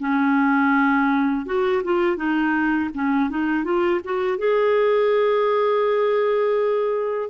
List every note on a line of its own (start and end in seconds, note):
0.00 1.46 C#4
1.46 1.82 F#4
1.84 2.17 F4
2.17 2.90 D#4
2.94 3.30 C#4
3.30 3.64 D#4
3.64 4.01 F4
4.04 4.38 F#4
4.38 7.30 G#4